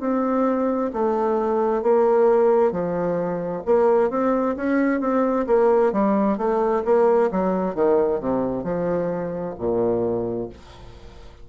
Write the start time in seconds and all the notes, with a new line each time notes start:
0.00 C4
0.93 A3
1.83 A#3
2.71 F3
3.66 A#3
4.10 C4
4.56 C#4
5.00 C4
5.47 A#3
5.93 G3
6.38 A3
6.85 A#3
7.31 F#3
7.75 D#3
8.20 C3
8.64 F3
9.58 A#2